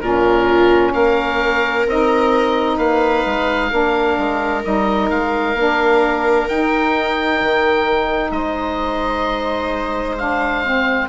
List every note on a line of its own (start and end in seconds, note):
0.00 0.93 A#2
0.00 1.86 C#4
0.00 0.94 F4
0.00 0.92 A#4
0.93 1.86 A#3
0.93 2.77 A#4
0.93 1.86 F5
1.86 2.77 C4
1.86 3.70 D#4
1.86 2.78 D#5
2.77 3.23 A#3
2.77 3.69 B4
2.77 4.62 F5
3.25 3.71 G#3
3.70 4.17 A#3
3.70 4.63 D4
3.70 8.32 A#4
4.18 4.64 G#3
4.63 5.10 G3
4.63 5.55 D#4
4.63 5.10 D#5
5.10 5.54 G#3
5.10 6.48 F5
5.54 6.46 A#3
5.54 6.49 D4
6.48 7.41 D#4
6.48 10.18 D#4
6.48 8.31 G5
7.41 8.30 D#3
8.30 11.07 G#3
8.30 11.08 C5
8.30 10.15 D#5
10.17 10.64 D4
10.17 11.08 F5
10.64 11.08 C4